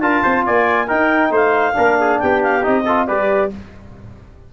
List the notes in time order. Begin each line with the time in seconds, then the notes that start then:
0.00 D4 F4 A#4 A5
0.22 C4 C5
0.46 A#3 D5 G#5
0.87 D#4 A#4 G5
1.30 A3 C5 F5
1.73 A#3 D4 A#4
2.00 G#4
2.19 B3 G4 G5
2.43 F5
2.62 C4 D#4 D#5
2.84 F4 A4
3.06 G3 G4 B4 D5